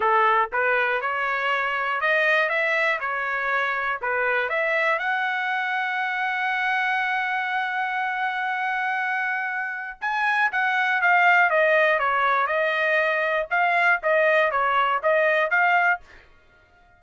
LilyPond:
\new Staff \with { instrumentName = "trumpet" } { \time 4/4 \tempo 4 = 120 a'4 b'4 cis''2 | dis''4 e''4 cis''2 | b'4 e''4 fis''2~ | fis''1~ |
fis''1 | gis''4 fis''4 f''4 dis''4 | cis''4 dis''2 f''4 | dis''4 cis''4 dis''4 f''4 | }